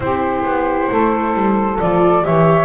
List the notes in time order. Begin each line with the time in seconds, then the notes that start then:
0.00 C4 E4 G4 C5
0.44 B3
0.91 A3 A4
1.34 G3
1.80 F3 F4 D5
2.22 E3 G4 C#5 E5